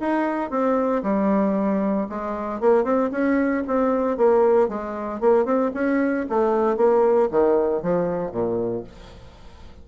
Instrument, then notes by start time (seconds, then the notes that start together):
bassoon
0.00 D#4
0.50 C4
1.03 G3
2.09 G#3
2.60 A#3
2.84 C4
3.11 C#4
3.67 C4
4.17 A#3
4.68 G#3
5.20 A#3
5.45 C4
5.74 C#4
6.29 A3
6.77 A#3
7.31 D#3
7.82 F3
8.31 A#2